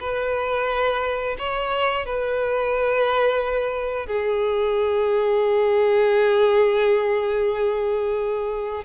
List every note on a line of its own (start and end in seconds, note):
0.00 1.36 B4
1.38 2.05 C#5
2.05 4.07 B4
4.07 8.84 G#4